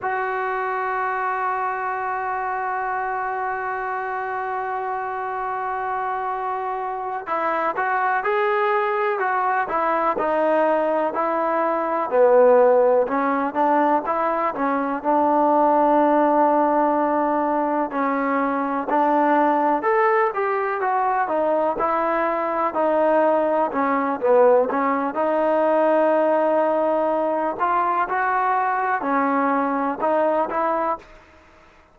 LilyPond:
\new Staff \with { instrumentName = "trombone" } { \time 4/4 \tempo 4 = 62 fis'1~ | fis'2.~ fis'8 e'8 | fis'8 gis'4 fis'8 e'8 dis'4 e'8~ | e'8 b4 cis'8 d'8 e'8 cis'8 d'8~ |
d'2~ d'8 cis'4 d'8~ | d'8 a'8 g'8 fis'8 dis'8 e'4 dis'8~ | dis'8 cis'8 b8 cis'8 dis'2~ | dis'8 f'8 fis'4 cis'4 dis'8 e'8 | }